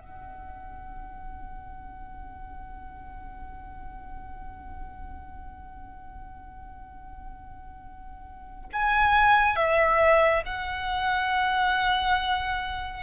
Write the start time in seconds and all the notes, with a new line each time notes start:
0.00 F#5
8.73 G#5
9.56 E5
10.46 F#5